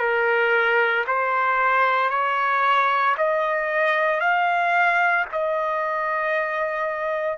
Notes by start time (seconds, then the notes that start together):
0.00 A#4
1.08 C5
2.11 C#5
3.18 D#5
4.21 F5
5.33 D#5